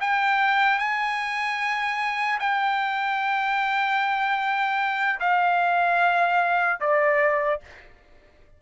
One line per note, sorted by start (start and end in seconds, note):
0.00 0.78 G5
0.78 2.38 G#5
2.39 5.19 G5
5.20 6.80 F5
6.80 7.60 D5